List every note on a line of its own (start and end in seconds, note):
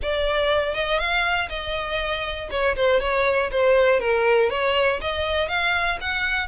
0.02 0.74 D5
0.74 0.98 D#5
0.98 1.48 F5
1.49 2.49 D#5
2.50 2.75 C#5
2.75 3.00 C5
3.00 3.50 C#5
3.51 4.00 C5
4.00 4.50 A#4
4.50 5.00 C#5
5.01 5.48 D#5
5.48 5.98 F5
6.00 6.47 F#5